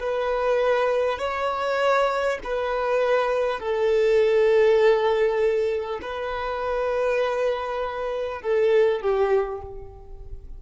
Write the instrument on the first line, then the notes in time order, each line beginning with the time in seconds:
violin
0.00 B4
1.19 C#5
2.44 B4
3.60 A4
6.02 B4
8.42 A4
9.02 G4